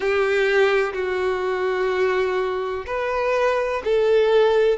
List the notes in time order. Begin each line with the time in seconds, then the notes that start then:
0.00 G4
0.93 F#4
2.86 B4
3.84 A4